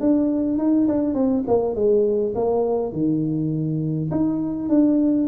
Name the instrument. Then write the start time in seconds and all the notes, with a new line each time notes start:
tuba
0.00 D4
0.58 D#4
0.87 D4
1.14 C4
1.47 A#3
1.75 G#3
2.35 A#3
2.92 D#3
4.11 D#4
4.69 D4